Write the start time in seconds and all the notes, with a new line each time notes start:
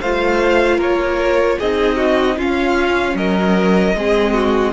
0.00 A3 F4 C5 F5
0.76 A#3 A#4 C#5
1.59 C4 D#4 G#4 D#5
1.96 F#4
2.37 C#4 F4 F5
3.14 F#3 A#4 D#5
3.94 G#3 C4 G#4
4.33 F#4